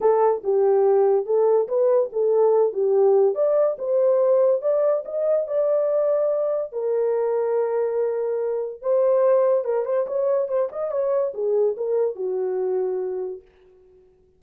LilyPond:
\new Staff \with { instrumentName = "horn" } { \time 4/4 \tempo 4 = 143 a'4 g'2 a'4 | b'4 a'4. g'4. | d''4 c''2 d''4 | dis''4 d''2. |
ais'1~ | ais'4 c''2 ais'8 c''8 | cis''4 c''8 dis''8 cis''4 gis'4 | ais'4 fis'2. | }